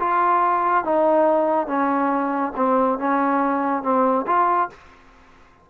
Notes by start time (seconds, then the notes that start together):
0.00 F4
0.85 D#4
1.68 C#4
2.56 C4
2.99 C#4
3.83 C4
4.27 F4